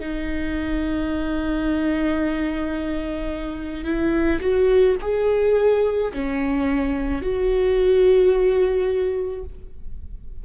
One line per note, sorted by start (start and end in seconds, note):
0.00 3.85 D#4
3.85 4.40 E4
4.41 4.96 F#4
5.02 6.13 G#4
6.14 7.22 C#4
7.22 9.44 F#4